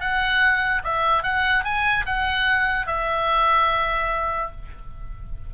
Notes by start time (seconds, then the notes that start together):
0.00 F#5
0.84 E5
1.23 F#5
1.64 G#5
2.06 F#5
2.87 E5